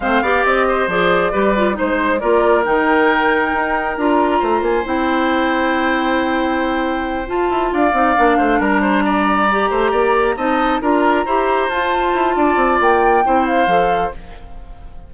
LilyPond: <<
  \new Staff \with { instrumentName = "flute" } { \time 4/4 \tempo 4 = 136 f''4 dis''4 d''2 | c''4 d''4 g''2~ | g''4 ais''4. gis''8 g''4~ | g''1~ |
g''8 a''4 f''2 ais''8~ | ais''2.~ ais''8 a''8~ | a''8 ais''2 a''4.~ | a''4 g''4. f''4. | }
  \new Staff \with { instrumentName = "oboe" } { \time 4/4 c''8 d''4 c''4. b'4 | c''4 ais'2.~ | ais'2 c''2~ | c''1~ |
c''4. d''4. c''8 ais'8 | c''8 d''4. c''8 d''4 dis''8~ | dis''8 ais'4 c''2~ c''8 | d''2 c''2 | }
  \new Staff \with { instrumentName = "clarinet" } { \time 4/4 c'8 g'4. gis'4 g'8 f'8 | dis'4 f'4 dis'2~ | dis'4 f'2 e'4~ | e'1~ |
e'8 f'4. dis'8 d'4.~ | d'4. g'2 dis'8~ | dis'8 f'4 g'4 f'4.~ | f'2 e'4 a'4 | }
  \new Staff \with { instrumentName = "bassoon" } { \time 4/4 a8 b8 c'4 f4 g4 | gis4 ais4 dis2 | dis'4 d'4 a8 ais8 c'4~ | c'1~ |
c'8 f'8 e'8 d'8 c'8 ais8 a8 g8~ | g2 a8 ais4 c'8~ | c'8 d'4 e'4 f'4 e'8 | d'8 c'8 ais4 c'4 f4 | }
>>